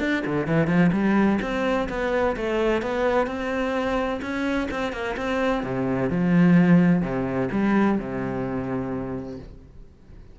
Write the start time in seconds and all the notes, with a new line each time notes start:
0.00 D4
0.26 D3
0.47 E3
0.67 F3
0.93 G3
1.42 C4
1.90 B3
2.37 A3
2.83 B3
3.27 C4
4.22 C#4
4.71 C4
4.93 A#3
5.17 C4
5.64 C3
6.10 F3
7.02 C3
7.52 G3
7.99 C3